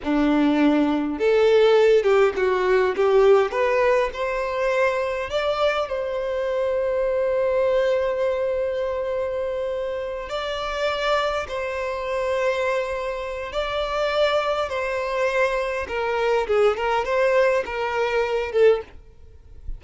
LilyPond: \new Staff \with { instrumentName = "violin" } { \time 4/4 \tempo 4 = 102 d'2 a'4. g'8 | fis'4 g'4 b'4 c''4~ | c''4 d''4 c''2~ | c''1~ |
c''4. d''2 c''8~ | c''2. d''4~ | d''4 c''2 ais'4 | gis'8 ais'8 c''4 ais'4. a'8 | }